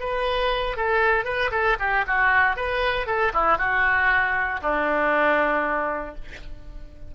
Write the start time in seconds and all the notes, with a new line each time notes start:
0.00 B4
0.77 A4
1.25 B4
1.51 A4
1.79 G4
2.07 F#4
2.56 B4
3.07 A4
3.33 E4
3.58 F#4
4.61 D4